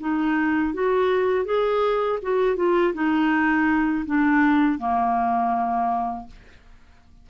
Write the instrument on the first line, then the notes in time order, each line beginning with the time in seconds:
clarinet
0.00 D#4
0.73 F#4
1.45 G#4
2.22 F#4
2.56 F4
2.94 D#4
4.05 D4
4.78 A#3